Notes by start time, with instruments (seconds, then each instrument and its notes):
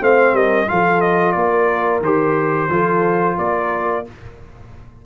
0.00 tuba A3, trombone C4, horn C5, trumpet F5
0.33 tuba G3, horn A#4, trumpet D#5
0.67 tuba F3, trombone F4, horn A4, trumpet F5
1.01 trumpet D#5
1.32 tuba A#3, horn A#4, trumpet D5
2.00 tuba D#3, trombone G4, trumpet C5
2.70 tuba F3, trombone F4, horn A4
3.38 tuba A#3, horn A#4, trumpet D5